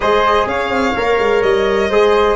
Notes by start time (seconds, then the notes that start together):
0.00 G#3 G#4 C5 D#5
0.46 C#4 C#5 F5
0.69 C4
0.96 A#3 A#4
1.18 G#3
1.42 G3 D#5
1.89 G#3 G#4 C5